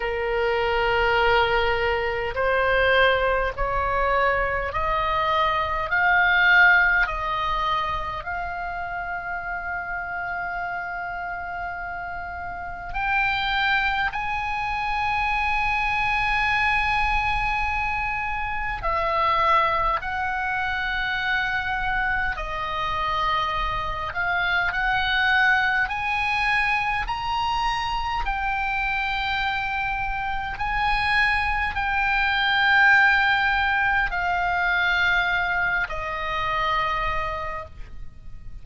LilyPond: \new Staff \with { instrumentName = "oboe" } { \time 4/4 \tempo 4 = 51 ais'2 c''4 cis''4 | dis''4 f''4 dis''4 f''4~ | f''2. g''4 | gis''1 |
e''4 fis''2 dis''4~ | dis''8 f''8 fis''4 gis''4 ais''4 | g''2 gis''4 g''4~ | g''4 f''4. dis''4. | }